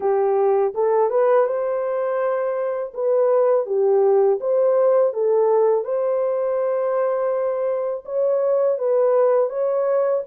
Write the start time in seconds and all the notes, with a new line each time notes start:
0.00 G4
0.74 A4
1.10 B4
1.46 C5
2.94 B4
3.66 G4
4.40 C5
5.13 A4
5.84 C5
8.05 C#5
8.78 B4
9.50 C#5